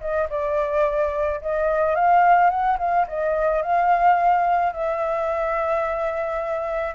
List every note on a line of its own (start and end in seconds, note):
0.00 0.28 D#5
0.30 1.41 D5
1.41 1.95 D#5
1.95 2.50 F5
2.50 2.78 F#5
2.78 3.06 F5
3.08 3.62 D#5
3.62 4.72 F5
4.72 6.94 E5